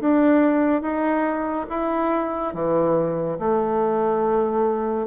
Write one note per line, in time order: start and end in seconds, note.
0.00 0.81 D4
0.81 1.66 D#4
1.69 2.54 E4
2.54 3.38 E3
3.39 5.07 A3